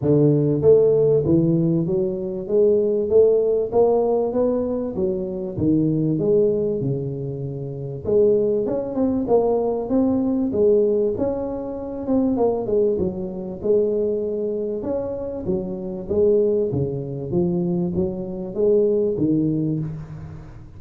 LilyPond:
\new Staff \with { instrumentName = "tuba" } { \time 4/4 \tempo 4 = 97 d4 a4 e4 fis4 | gis4 a4 ais4 b4 | fis4 dis4 gis4 cis4~ | cis4 gis4 cis'8 c'8 ais4 |
c'4 gis4 cis'4. c'8 | ais8 gis8 fis4 gis2 | cis'4 fis4 gis4 cis4 | f4 fis4 gis4 dis4 | }